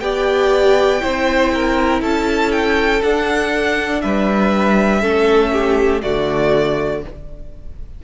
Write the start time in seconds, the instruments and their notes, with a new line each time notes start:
0.00 cello B3, viola G4, violin D5 G5
1.00 cello C4, viola E4, violin C5
1.54 violin A#4
2.02 cello C#4, violin A4 A5
2.52 violin G5
3.02 cello D4, viola D4, violin F#5
4.01 cello G3, violin B4 E5
5.01 cello A3, viola C#4, violin A4
5.52 violin G4
6.02 cello D3, viola A3, violin F#4 D5